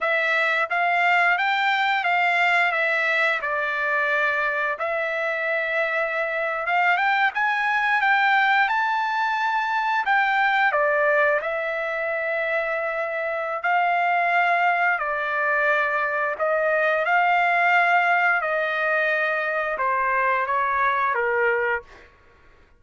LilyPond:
\new Staff \with { instrumentName = "trumpet" } { \time 4/4 \tempo 4 = 88 e''4 f''4 g''4 f''4 | e''4 d''2 e''4~ | e''4.~ e''16 f''8 g''8 gis''4 g''16~ | g''8. a''2 g''4 d''16~ |
d''8. e''2.~ e''16 | f''2 d''2 | dis''4 f''2 dis''4~ | dis''4 c''4 cis''4 ais'4 | }